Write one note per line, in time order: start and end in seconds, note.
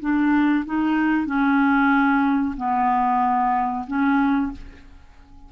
0.00 0.65 D4
0.65 1.26 D#4
1.26 2.55 C#4
2.57 3.86 B3
3.87 4.52 C#4